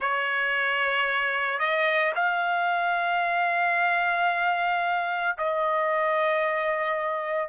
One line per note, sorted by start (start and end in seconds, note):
0.00 1.59 C#5
1.59 2.12 D#5
2.15 5.36 F5
5.37 7.49 D#5